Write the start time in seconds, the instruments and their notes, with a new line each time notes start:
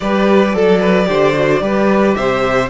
0.00 cello G3, viola G4, violin B4 D5
0.52 cello F#3, viola A4, violin A4
0.80 violin B4
1.06 cello D3, viola G4, violin C5
1.34 viola F#4
1.60 cello G3, viola G4, violin B4
2.14 cello C3, violin C5 E5